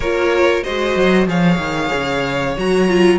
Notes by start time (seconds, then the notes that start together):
0.00 A#3 F4 A#4 C#5
0.63 G#3 F#4 C5 D#5
0.95 F#3
1.27 F3 G#4 C#5 F5
1.58 D#3
1.93 C#3
2.56 F#3 F#4 A#5
2.88 F4